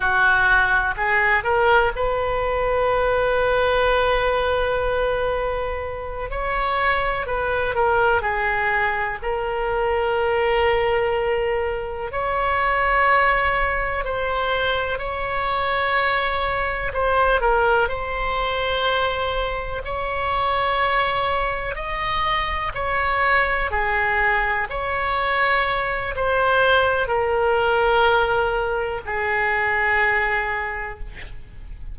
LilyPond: \new Staff \with { instrumentName = "oboe" } { \time 4/4 \tempo 4 = 62 fis'4 gis'8 ais'8 b'2~ | b'2~ b'8 cis''4 b'8 | ais'8 gis'4 ais'2~ ais'8~ | ais'8 cis''2 c''4 cis''8~ |
cis''4. c''8 ais'8 c''4.~ | c''8 cis''2 dis''4 cis''8~ | cis''8 gis'4 cis''4. c''4 | ais'2 gis'2 | }